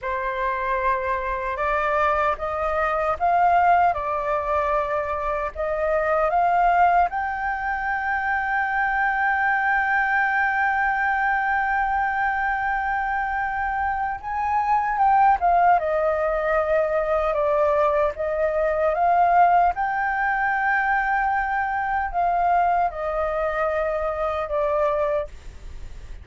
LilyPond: \new Staff \with { instrumentName = "flute" } { \time 4/4 \tempo 4 = 76 c''2 d''4 dis''4 | f''4 d''2 dis''4 | f''4 g''2.~ | g''1~ |
g''2 gis''4 g''8 f''8 | dis''2 d''4 dis''4 | f''4 g''2. | f''4 dis''2 d''4 | }